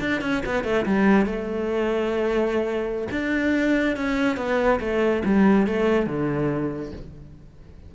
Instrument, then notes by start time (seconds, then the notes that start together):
cello
0.00 D4
0.21 C#4
0.45 B3
0.64 A3
0.85 G3
1.26 A3
3.11 D4
3.96 C#4
4.37 B3
4.80 A3
5.25 G3
5.66 A3
6.06 D3